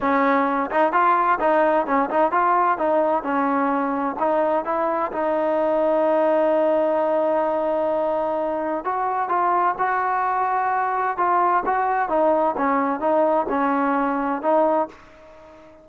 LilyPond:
\new Staff \with { instrumentName = "trombone" } { \time 4/4 \tempo 4 = 129 cis'4. dis'8 f'4 dis'4 | cis'8 dis'8 f'4 dis'4 cis'4~ | cis'4 dis'4 e'4 dis'4~ | dis'1~ |
dis'2. fis'4 | f'4 fis'2. | f'4 fis'4 dis'4 cis'4 | dis'4 cis'2 dis'4 | }